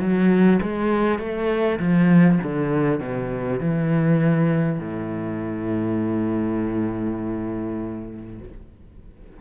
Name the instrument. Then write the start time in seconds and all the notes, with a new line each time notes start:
cello
0.00 F#3
0.62 G#3
1.19 A3
1.79 F3
2.43 D3
3.01 B2
3.61 E3
4.79 A2